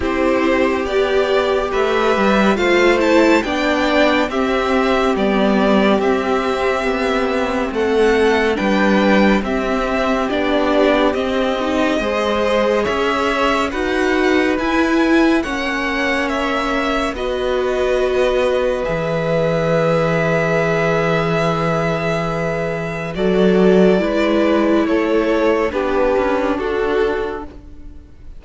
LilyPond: <<
  \new Staff \with { instrumentName = "violin" } { \time 4/4 \tempo 4 = 70 c''4 d''4 e''4 f''8 a''8 | g''4 e''4 d''4 e''4~ | e''4 fis''4 g''4 e''4 | d''4 dis''2 e''4 |
fis''4 gis''4 fis''4 e''4 | dis''2 e''2~ | e''2. d''4~ | d''4 cis''4 b'4 a'4 | }
  \new Staff \with { instrumentName = "violin" } { \time 4/4 g'2 b'4 c''4 | d''4 g'2.~ | g'4 a'4 b'4 g'4~ | g'2 c''4 cis''4 |
b'2 cis''2 | b'1~ | b'2. a'4 | b'4 a'4 g'4 fis'4 | }
  \new Staff \with { instrumentName = "viola" } { \time 4/4 e'4 g'2 f'8 e'8 | d'4 c'4 b4 c'4~ | c'2 d'4 c'4 | d'4 c'8 dis'8 gis'2 |
fis'4 e'4 cis'2 | fis'2 gis'2~ | gis'2. fis'4 | e'2 d'2 | }
  \new Staff \with { instrumentName = "cello" } { \time 4/4 c'4 b4 a8 g8 a4 | b4 c'4 g4 c'4 | b4 a4 g4 c'4 | b4 c'4 gis4 cis'4 |
dis'4 e'4 ais2 | b2 e2~ | e2. fis4 | gis4 a4 b8 cis'8 d'4 | }
>>